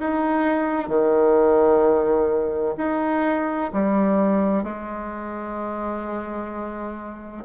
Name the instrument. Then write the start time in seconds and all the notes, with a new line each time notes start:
bassoon
0.00 D#4
0.88 D#3
2.77 D#4
3.73 G3
4.64 G#3